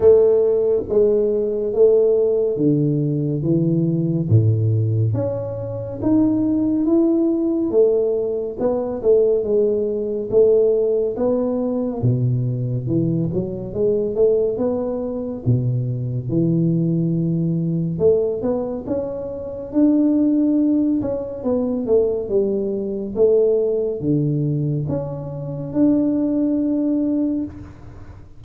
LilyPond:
\new Staff \with { instrumentName = "tuba" } { \time 4/4 \tempo 4 = 70 a4 gis4 a4 d4 | e4 a,4 cis'4 dis'4 | e'4 a4 b8 a8 gis4 | a4 b4 b,4 e8 fis8 |
gis8 a8 b4 b,4 e4~ | e4 a8 b8 cis'4 d'4~ | d'8 cis'8 b8 a8 g4 a4 | d4 cis'4 d'2 | }